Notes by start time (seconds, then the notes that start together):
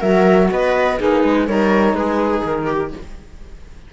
0.00 F#3 F#4 A#4 E5
0.51 B3 B4 D#5
0.97 A#3 D#4 G#4 B4
1.23 G#3
1.45 G3 D#4 A#4 C#5
1.93 G#3 G#4 B4
2.44 D#3 A#4
2.65 G4